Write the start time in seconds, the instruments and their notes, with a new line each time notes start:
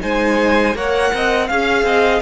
0.00 cello G#3, viola D#4, violin C5 G#5
0.75 cello A#3, viola A#4, violin C#5 F#5
1.14 cello C4, violin D#5
1.47 cello C#4, viola G#4, violin F5
1.83 cello C4, violin D#5